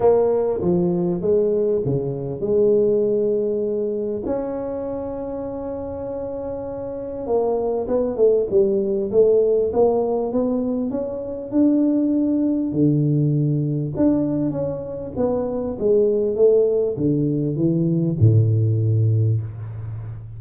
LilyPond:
\new Staff \with { instrumentName = "tuba" } { \time 4/4 \tempo 4 = 99 ais4 f4 gis4 cis4 | gis2. cis'4~ | cis'1 | ais4 b8 a8 g4 a4 |
ais4 b4 cis'4 d'4~ | d'4 d2 d'4 | cis'4 b4 gis4 a4 | d4 e4 a,2 | }